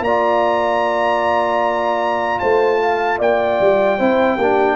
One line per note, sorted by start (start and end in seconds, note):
0.00 2.37 A#3
0.00 2.41 D5
0.00 2.39 A#5
0.06 3.99 F4
2.39 3.20 A3
2.39 2.80 C5
2.39 3.18 A5
2.82 3.19 F5
3.19 3.59 A#3
3.19 3.98 D5
3.19 4.76 G5
3.60 4.00 G3
3.98 4.37 C4
3.98 4.39 E4
3.98 4.36 C5
4.36 4.76 A#3
4.36 4.76 D4
4.36 4.75 G4